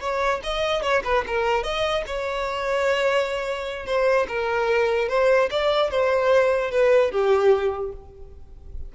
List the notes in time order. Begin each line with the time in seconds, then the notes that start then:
0.00 C#5
0.43 D#5
0.82 C#5
1.04 B4
1.27 A#4
1.63 D#5
2.06 C#5
3.86 C5
4.28 A#4
5.09 C5
5.50 D5
5.90 C5
6.71 B4
7.11 G4